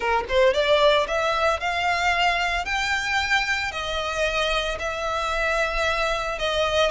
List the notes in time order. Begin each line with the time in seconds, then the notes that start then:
0.00 A#4
0.28 C5
0.53 D5
1.07 E5
1.60 F5
2.65 G5
3.71 D#5
4.79 E5
6.39 D#5